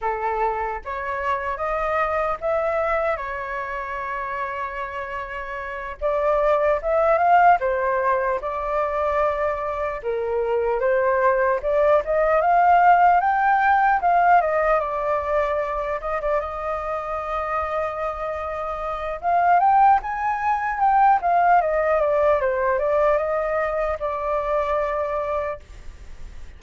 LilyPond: \new Staff \with { instrumentName = "flute" } { \time 4/4 \tempo 4 = 75 a'4 cis''4 dis''4 e''4 | cis''2.~ cis''8 d''8~ | d''8 e''8 f''8 c''4 d''4.~ | d''8 ais'4 c''4 d''8 dis''8 f''8~ |
f''8 g''4 f''8 dis''8 d''4. | dis''16 d''16 dis''2.~ dis''8 | f''8 g''8 gis''4 g''8 f''8 dis''8 d''8 | c''8 d''8 dis''4 d''2 | }